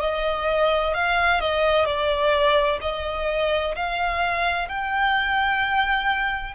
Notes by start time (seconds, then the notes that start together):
0.00 D#5
0.94 F5
1.41 D#5
1.85 D5
2.81 D#5
3.75 F5
4.68 G5